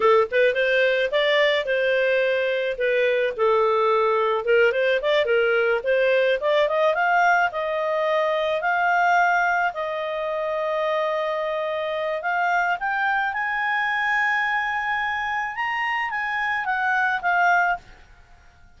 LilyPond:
\new Staff \with { instrumentName = "clarinet" } { \time 4/4 \tempo 4 = 108 a'8 b'8 c''4 d''4 c''4~ | c''4 b'4 a'2 | ais'8 c''8 d''8 ais'4 c''4 d''8 | dis''8 f''4 dis''2 f''8~ |
f''4. dis''2~ dis''8~ | dis''2 f''4 g''4 | gis''1 | ais''4 gis''4 fis''4 f''4 | }